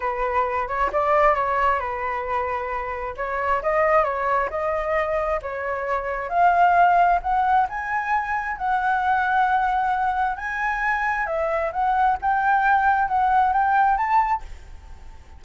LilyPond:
\new Staff \with { instrumentName = "flute" } { \time 4/4 \tempo 4 = 133 b'4. cis''8 d''4 cis''4 | b'2. cis''4 | dis''4 cis''4 dis''2 | cis''2 f''2 |
fis''4 gis''2 fis''4~ | fis''2. gis''4~ | gis''4 e''4 fis''4 g''4~ | g''4 fis''4 g''4 a''4 | }